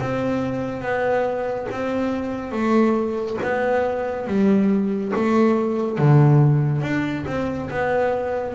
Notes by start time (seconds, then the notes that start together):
0.00 C4
0.81 B3
1.71 C4
2.52 A3
3.43 B3
4.27 G3
5.15 A3
5.98 D3
6.81 D4
7.27 C4
7.70 B3